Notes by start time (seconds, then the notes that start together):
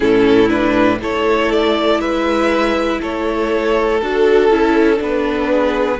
0.00 A2 C#4 E4 A4
0.48 D4 B4
1.00 A3 E4 A4 C#5
1.51 D5
1.99 G#3 B4 E5
3.00 A3 A4 C#5
4.00 D4 F#4 A4
4.50 C#4 E4
4.96 B3 D4 B4
5.50 G#4